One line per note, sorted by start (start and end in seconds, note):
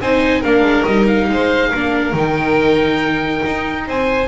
0.00 0.43 C4
0.00 0.44 D#4
0.00 0.41 C5
0.00 0.43 G#5
0.41 0.62 A#3
0.41 0.86 D4
0.41 1.26 A#4
0.41 0.84 F5
0.62 0.83 G#3
0.84 1.29 G3
0.84 1.72 D#4
0.84 1.05 D#5
1.07 2.14 F5
1.29 1.72 G#3
1.29 1.69 C5
1.69 2.12 A#3
1.69 2.13 D4
1.69 3.83 A#4
2.12 3.41 D#3
2.12 4.27 D#4
2.12 3.88 G5
3.46 3.88 D#4
3.86 4.28 C4
3.86 4.28 C5
3.86 4.28 G#5